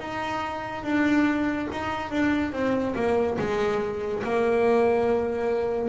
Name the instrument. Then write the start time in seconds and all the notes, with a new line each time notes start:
double bass
0.00 D#4
0.84 D4
1.72 D#4
2.12 D4
2.53 C4
2.96 A#3
3.39 G#3
4.24 A#3